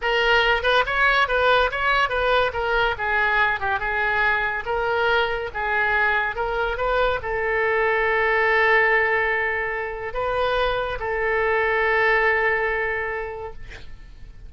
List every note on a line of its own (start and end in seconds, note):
0.01 0.62 A#4
0.62 0.84 B4
0.86 1.28 C#5
1.28 1.70 B4
1.71 2.09 C#5
2.09 2.51 B4
2.53 2.95 A#4
2.98 3.60 G#4
3.60 3.79 G4
3.79 4.64 G#4
4.65 5.50 A#4
5.54 6.35 G#4
6.35 6.77 A#4
6.77 7.19 B4
7.22 10.13 A4
10.13 10.98 B4
10.99 13.53 A4